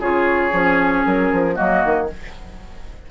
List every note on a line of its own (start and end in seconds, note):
0.00 0.52 C#3
0.00 0.52 F4
0.00 1.55 G#4
0.00 1.06 C#5
0.52 1.05 F3
0.52 1.55 C#4
1.06 1.33 F#3
1.06 1.56 A#4
1.33 1.59 F3
1.55 1.85 F#3
1.55 2.07 A#3
1.55 2.07 F#4
1.55 2.08 D#5
1.85 2.11 D#3